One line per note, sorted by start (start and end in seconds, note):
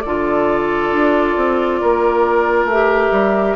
0.00 0.91 D3
0.00 2.70 F4
0.00 1.81 A4
0.00 2.65 D5
0.91 1.35 D4
1.36 1.80 C4
1.81 2.65 A#3
1.81 3.56 A#4
2.65 3.09 A3
2.65 3.56 E5
2.72 3.56 G4
3.11 3.55 G3